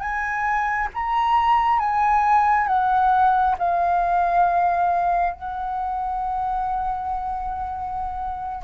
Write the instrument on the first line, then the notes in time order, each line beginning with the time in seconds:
flute
0.00 G#5
0.94 A#5
1.79 G#5
2.67 F#5
3.59 F5
5.33 F#5